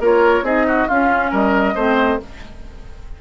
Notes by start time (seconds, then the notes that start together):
0.00 A#3 F4 A#4 C#5
0.42 C4 D#4 G#4 D#5
0.67 F#4
0.88 C#4 F4 F5
1.30 G3 A#4 D#5
1.75 A3 C4 C5